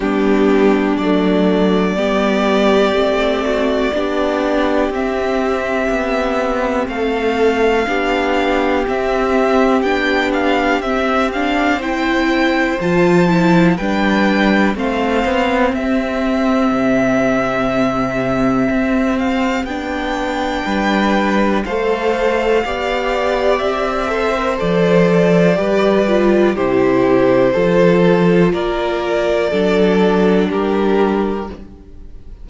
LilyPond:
<<
  \new Staff \with { instrumentName = "violin" } { \time 4/4 \tempo 4 = 61 g'4 d''2.~ | d''4 e''2 f''4~ | f''4 e''4 g''8 f''8 e''8 f''8 | g''4 a''4 g''4 f''4 |
e''2.~ e''8 f''8 | g''2 f''2 | e''4 d''2 c''4~ | c''4 d''2 ais'4 | }
  \new Staff \with { instrumentName = "violin" } { \time 4/4 d'2 g'4. fis'8 | g'2. a'4 | g'1 | c''2 b'4 c''4 |
g'1~ | g'4 b'4 c''4 d''4~ | d''8 c''4. b'4 g'4 | a'4 ais'4 a'4 g'4 | }
  \new Staff \with { instrumentName = "viola" } { \time 4/4 b4 a4 b4 c'4 | d'4 c'2. | d'4 c'4 d'4 c'8 d'8 | e'4 f'8 e'8 d'4 c'4~ |
c'1 | d'2 a'4 g'4~ | g'8 a'16 ais'16 a'4 g'8 f'8 e'4 | f'2 d'2 | }
  \new Staff \with { instrumentName = "cello" } { \time 4/4 g4 fis4 g4 a4 | b4 c'4 b4 a4 | b4 c'4 b4 c'4~ | c'4 f4 g4 a8 b8 |
c'4 c2 c'4 | b4 g4 a4 b4 | c'4 f4 g4 c4 | f4 ais4 fis4 g4 | }
>>